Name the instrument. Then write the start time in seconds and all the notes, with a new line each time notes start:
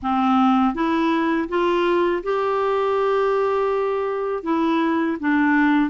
clarinet
0.02 C4
0.74 E4
1.48 F4
2.23 G4
4.43 E4
5.20 D4